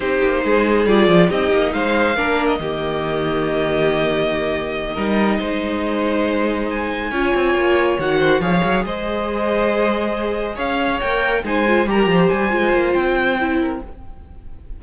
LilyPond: <<
  \new Staff \with { instrumentName = "violin" } { \time 4/4 \tempo 4 = 139 c''2 d''4 dis''4 | f''4.~ f''16 dis''2~ dis''16~ | dis''1~ | dis''2.~ dis''8 gis''8~ |
gis''2~ gis''8 fis''4 f''8~ | f''8 dis''2.~ dis''8~ | dis''8 f''4 g''4 gis''4 ais''8~ | ais''8 gis''4. g''2 | }
  \new Staff \with { instrumentName = "violin" } { \time 4/4 g'4 gis'2 g'4 | c''4 ais'4 g'2~ | g'2.~ g'8 ais'8~ | ais'8 c''2.~ c''8~ |
c''8 cis''2~ cis''8 c''8 cis''8~ | cis''8 c''2.~ c''8~ | c''8 cis''2 c''4 ais'8 | c''2.~ c''8 ais'8 | }
  \new Staff \with { instrumentName = "viola" } { \time 4/4 dis'2 f'4 dis'4~ | dis'4 d'4 ais2~ | ais2.~ ais8 dis'8~ | dis'1~ |
dis'8 f'2 fis'4 gis'8~ | gis'1~ | gis'4. ais'4 dis'8 f'8 g'8~ | g'4 f'2 e'4 | }
  \new Staff \with { instrumentName = "cello" } { \time 4/4 c'8 ais8 gis4 g8 f8 c'8 ais8 | gis4 ais4 dis2~ | dis2.~ dis8 g8~ | g8 gis2.~ gis8~ |
gis8 cis'8 c'8 ais4 dis4 f8 | fis8 gis2.~ gis8~ | gis8 cis'4 ais4 gis4 g8 | f8 g8 gis8 ais8 c'2 | }
>>